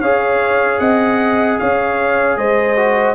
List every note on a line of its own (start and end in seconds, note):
0.00 0.79 C#4
0.00 2.76 G#4
0.00 0.81 C#5
0.00 0.79 F5
0.79 1.58 C4
0.79 1.60 D#5
0.79 1.58 F#5
1.59 2.37 C#4
1.59 2.38 C#5
1.59 2.37 F5
2.37 3.15 G#3
2.37 3.15 C5
2.37 3.15 D#5
2.76 3.15 F#4